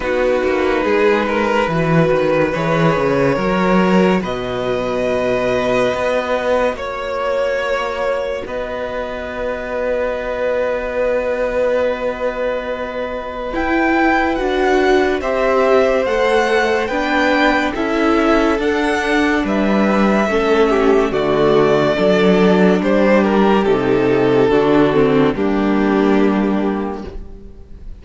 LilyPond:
<<
  \new Staff \with { instrumentName = "violin" } { \time 4/4 \tempo 4 = 71 b'2. cis''4~ | cis''4 dis''2. | cis''2 dis''2~ | dis''1 |
g''4 fis''4 e''4 fis''4 | g''4 e''4 fis''4 e''4~ | e''4 d''2 c''8 ais'8 | a'2 g'2 | }
  \new Staff \with { instrumentName = "violin" } { \time 4/4 fis'4 gis'8 ais'8 b'2 | ais'4 b'2. | cis''2 b'2~ | b'1~ |
b'2 c''2 | b'4 a'2 b'4 | a'8 g'8 fis'4 a'4 g'4~ | g'4 fis'4 d'2 | }
  \new Staff \with { instrumentName = "viola" } { \time 4/4 dis'2 fis'4 gis'4 | fis'1~ | fis'1~ | fis'1 |
e'4 fis'4 g'4 a'4 | d'4 e'4 d'2 | cis'4 a4 d'2 | dis'4 d'8 c'8 ais2 | }
  \new Staff \with { instrumentName = "cello" } { \time 4/4 b8 ais8 gis4 e8 dis8 e8 cis8 | fis4 b,2 b4 | ais2 b2~ | b1 |
e'4 d'4 c'4 a4 | b4 cis'4 d'4 g4 | a4 d4 fis4 g4 | c4 d4 g2 | }
>>